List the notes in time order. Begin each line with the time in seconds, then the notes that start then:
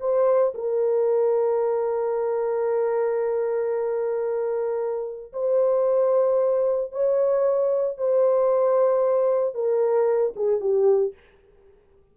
0.00 C5
0.54 A#4
5.33 C5
6.92 C#5
7.97 C5
9.54 A#4
10.36 G#4
10.60 G4